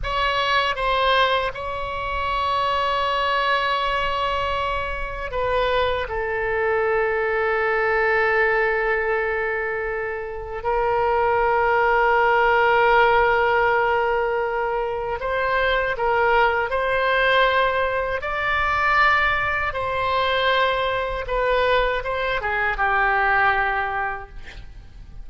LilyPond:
\new Staff \with { instrumentName = "oboe" } { \time 4/4 \tempo 4 = 79 cis''4 c''4 cis''2~ | cis''2. b'4 | a'1~ | a'2 ais'2~ |
ais'1 | c''4 ais'4 c''2 | d''2 c''2 | b'4 c''8 gis'8 g'2 | }